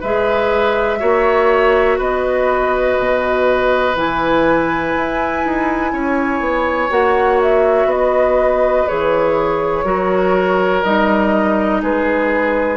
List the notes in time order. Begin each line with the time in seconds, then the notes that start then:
0.00 G#3 G#4 B4 E5
0.99 A#3 F#4 C#5
1.98 B3 B4 D#5
2.97 B2
3.95 E3 E4 G#5
4.96 E4
5.45 D#4
5.92 C#4 C#5
6.40 B3
6.90 A#3 F#4 F#5
7.41 E5
7.85 B3 B4 D#5
8.87 E3 G#4 C#5
9.84 F#3 F#4 A#4
10.83 G3 D#4 D#5
11.82 G#3 G#4 B4